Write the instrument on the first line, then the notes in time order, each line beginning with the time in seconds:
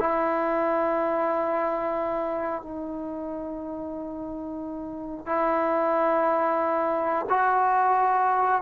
trombone
0.00 E4
2.63 D#4
5.26 E4
7.30 F#4